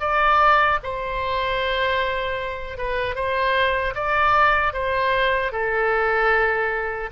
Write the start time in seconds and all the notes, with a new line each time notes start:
0.00 D5
0.84 C5
2.78 B4
3.15 C5
3.95 D5
4.73 C5
5.52 A4